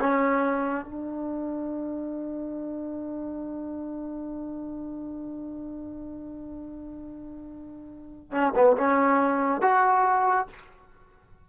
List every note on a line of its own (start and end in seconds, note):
0.00 0.85 C#4
0.85 8.31 D4
8.31 8.53 C#4
8.55 8.77 B3
8.77 9.61 C#4
9.61 10.47 F#4